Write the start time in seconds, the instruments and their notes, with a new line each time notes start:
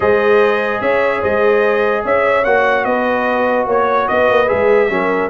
0.00 tuba G#3, trombone G#4, horn C5, trumpet D#5
0.80 tuba C#4, horn C#5, trumpet E5
1.21 tuba G#3, horn C5, trumpet D#5
2.03 tuba C#4, horn C#5, trumpet E5
2.44 tuba A#3, trombone F#4, trumpet F#5
2.84 tuba B3, horn B4, trumpet D#5
3.66 tuba A#3, horn C#5, trumpet C#5
4.08 tuba B3, horn B4, trumpet D#5
4.29 tuba A#3
4.47 tuba G#3, trombone G#4, trumpet E5
4.89 tuba F#3, trombone C#4, horn A#4